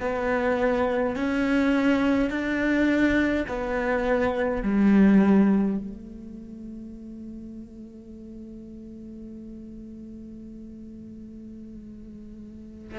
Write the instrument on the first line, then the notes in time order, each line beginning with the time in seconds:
cello
0.00 B3
1.15 C#4
2.30 D4
3.48 B3
4.62 G3
5.77 A3